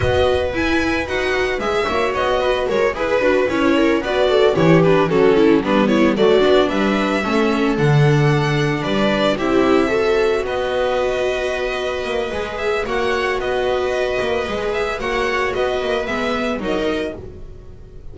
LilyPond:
<<
  \new Staff \with { instrumentName = "violin" } { \time 4/4 \tempo 4 = 112 dis''4 gis''4 fis''4 e''4 | dis''4 cis''8 b'4 cis''4 d''8~ | d''8 cis''8 b'8 a'4 b'8 cis''8 d''8~ | d''8 e''2 fis''4.~ |
fis''8 d''4 e''2 dis''8~ | dis''2.~ dis''8 e''8 | fis''4 dis''2~ dis''8 e''8 | fis''4 dis''4 e''4 dis''4 | }
  \new Staff \with { instrumentName = "viola" } { \time 4/4 b'2.~ b'8 cis''8~ | cis''8 b'8 ais'8 b'4. ais'8 b'8 | a'8 g'4 fis'8 e'8 d'8 e'8 fis'8~ | fis'8 b'4 a'2~ a'8~ |
a'8 b'4 g'4 a'4 b'8~ | b'1 | cis''4 b'2. | cis''4 b'2 ais'4 | }
  \new Staff \with { instrumentName = "viola" } { \time 4/4 fis'4 e'4 fis'4 gis'8 fis'8~ | fis'4. gis'8 fis'8 e'4 fis'8~ | fis'8 e'8 d'8 cis'4 b4 a8 | d'4. cis'4 d'4.~ |
d'4. e'4 fis'4.~ | fis'2. gis'4 | fis'2. gis'4 | fis'2 b4 dis'4 | }
  \new Staff \with { instrumentName = "double bass" } { \time 4/4 b4 e'4 dis'4 gis8 ais8 | b4 gis8 e'8 d'8 cis'4 b8~ | b8 e4 fis4 g4 fis8 | b8 g4 a4 d4.~ |
d8 g4 c'2 b8~ | b2~ b8 ais8 gis4 | ais4 b4. ais8 gis4 | ais4 b8 ais8 gis4 fis4 | }
>>